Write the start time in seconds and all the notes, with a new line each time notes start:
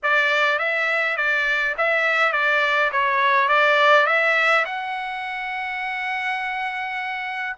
0.02 D5
0.58 E5
1.17 D5
1.77 E5
2.32 D5
2.92 C#5
3.48 D5
4.06 E5
4.65 F#5